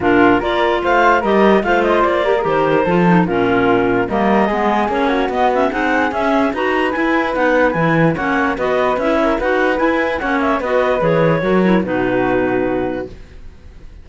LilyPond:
<<
  \new Staff \with { instrumentName = "clarinet" } { \time 4/4 \tempo 4 = 147 ais'4 d''4 f''4 dis''4 | f''8 dis''8 d''4 c''2 | ais'2 dis''2 | cis''4 dis''8 e''8 fis''4 e''4 |
ais''4 gis''4 fis''4 gis''4 | fis''4 dis''4 e''4 fis''4 | gis''4 fis''8 e''8 dis''4 cis''4~ | cis''4 b'2. | }
  \new Staff \with { instrumentName = "flute" } { \time 4/4 f'4 ais'4 c''4 ais'4 | c''4. ais'4. a'4 | f'2 ais'4 gis'4~ | gis'8 fis'4. gis'2 |
b'1 | cis''4 b'4. ais'8 b'4~ | b'4 cis''4 b'2 | ais'4 fis'2. | }
  \new Staff \with { instrumentName = "clarinet" } { \time 4/4 d'4 f'2 g'4 | f'4. g'16 gis'16 g'4 f'8 dis'8 | cis'2 ais4 b4 | cis'4 b8 cis'8 dis'4 cis'4 |
fis'4 e'4 dis'4 e'4 | cis'4 fis'4 e'4 fis'4 | e'4 cis'4 fis'4 gis'4 | fis'8 e'8 dis'2. | }
  \new Staff \with { instrumentName = "cello" } { \time 4/4 ais,4 ais4 a4 g4 | a4 ais4 dis4 f4 | ais,2 g4 gis4 | ais4 b4 c'4 cis'4 |
dis'4 e'4 b4 e4 | ais4 b4 cis'4 dis'4 | e'4 ais4 b4 e4 | fis4 b,2. | }
>>